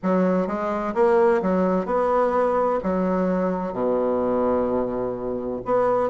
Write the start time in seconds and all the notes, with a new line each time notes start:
0.03 F#3
0.47 G#3
0.94 A#3
1.41 F#3
1.85 B3
2.83 F#3
3.72 B2
5.65 B3